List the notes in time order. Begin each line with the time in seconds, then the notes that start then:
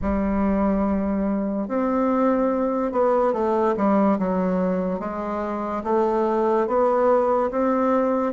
0.01 G3
1.67 C4
2.92 B3
3.33 A3
3.76 G3
4.18 F#3
4.99 G#3
5.83 A3
6.67 B3
7.50 C4